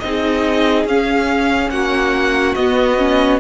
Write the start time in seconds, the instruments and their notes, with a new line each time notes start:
0.00 cello C4, viola D#4, violin D#5
0.06 violin G#4
0.85 cello C#4, viola C#4, violin F5
1.70 cello A#3, violin F#4 F#5
2.55 cello B3, viola B3, violin D#5
2.98 viola C#4